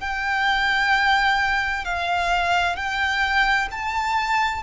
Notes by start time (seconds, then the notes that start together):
0.00 G5
1.85 F5
2.76 G5
3.71 A5